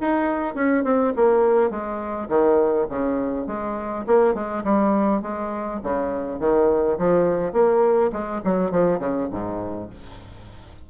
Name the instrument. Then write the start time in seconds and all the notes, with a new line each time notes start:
bassoon
0.00 D#4
0.55 C#4
0.84 C4
1.16 A#3
1.70 G#3
2.29 D#3
2.89 C#3
3.47 G#3
4.07 A#3
4.34 G#3
4.64 G3
5.22 G#3
5.83 C#3
6.39 D#3
6.98 F3
7.53 A#3
8.12 G#3
8.44 F#3
8.71 F3
8.99 C#3
9.32 G#2